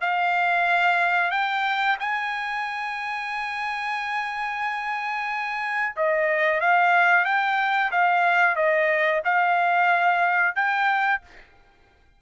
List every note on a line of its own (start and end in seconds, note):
0.00 1.30 F5
1.30 1.96 G5
1.99 5.95 G#5
5.96 6.60 D#5
6.60 7.25 F5
7.25 7.91 G5
7.91 8.55 F5
8.55 9.21 D#5
9.24 10.55 F5
10.55 11.21 G5